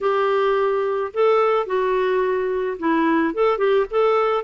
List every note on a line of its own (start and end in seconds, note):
0.01 1.12 G4
1.13 1.66 A4
1.66 2.77 F#4
2.79 3.34 E4
3.34 3.58 A4
3.58 3.86 G4
3.90 4.44 A4